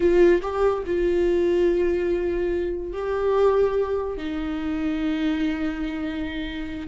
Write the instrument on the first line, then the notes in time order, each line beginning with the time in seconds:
viola
0.00 F4
0.41 G4
0.86 F4
2.92 G4
4.17 D#4